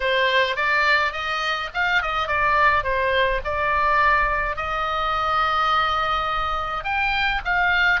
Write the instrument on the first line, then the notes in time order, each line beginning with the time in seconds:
oboe
0.00 C5
0.56 D5
1.12 D#5
1.74 F5
2.02 D#5
2.27 D5
2.83 C5
3.44 D5
4.56 D#5
6.84 G5
7.44 F5